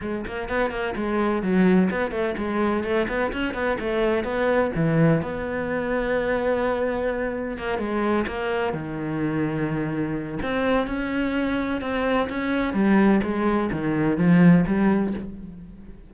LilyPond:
\new Staff \with { instrumentName = "cello" } { \time 4/4 \tempo 4 = 127 gis8 ais8 b8 ais8 gis4 fis4 | b8 a8 gis4 a8 b8 cis'8 b8 | a4 b4 e4 b4~ | b1 |
ais8 gis4 ais4 dis4.~ | dis2 c'4 cis'4~ | cis'4 c'4 cis'4 g4 | gis4 dis4 f4 g4 | }